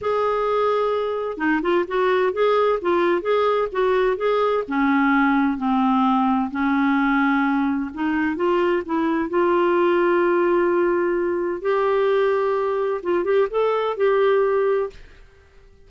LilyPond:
\new Staff \with { instrumentName = "clarinet" } { \time 4/4 \tempo 4 = 129 gis'2. dis'8 f'8 | fis'4 gis'4 f'4 gis'4 | fis'4 gis'4 cis'2 | c'2 cis'2~ |
cis'4 dis'4 f'4 e'4 | f'1~ | f'4 g'2. | f'8 g'8 a'4 g'2 | }